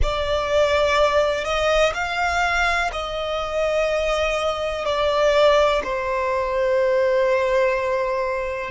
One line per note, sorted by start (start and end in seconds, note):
0.02 1.44 D5
1.44 1.93 D#5
1.94 2.90 F5
2.92 4.85 D#5
4.85 5.82 D5
5.83 8.71 C5